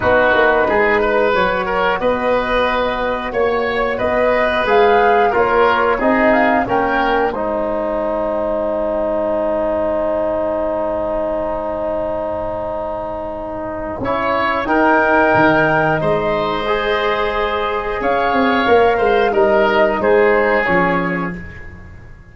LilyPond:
<<
  \new Staff \with { instrumentName = "flute" } { \time 4/4 \tempo 4 = 90 b'2 cis''4 dis''4~ | dis''4 cis''4 dis''4 f''4 | cis''4 dis''8 f''8 g''4 gis''4~ | gis''1~ |
gis''1~ | gis''2 g''2 | dis''2. f''4~ | f''4 dis''4 c''4 cis''4 | }
  \new Staff \with { instrumentName = "oboe" } { \time 4/4 fis'4 gis'8 b'4 ais'8 b'4~ | b'4 cis''4 b'2 | ais'4 gis'4 ais'4 c''4~ | c''1~ |
c''1~ | c''4 cis''4 ais'2 | c''2. cis''4~ | cis''8 c''8 ais'4 gis'2 | }
  \new Staff \with { instrumentName = "trombone" } { \time 4/4 dis'2 fis'2~ | fis'2. gis'4 | f'4 dis'4 cis'4 dis'4~ | dis'1~ |
dis'1~ | dis'4 e'4 dis'2~ | dis'4 gis'2. | ais'4 dis'2 cis'4 | }
  \new Staff \with { instrumentName = "tuba" } { \time 4/4 b8 ais8 gis4 fis4 b4~ | b4 ais4 b4 gis4 | ais4 c'4 ais4 gis4~ | gis1~ |
gis1~ | gis4 cis'4 dis'4 dis4 | gis2. cis'8 c'8 | ais8 gis8 g4 gis4 f4 | }
>>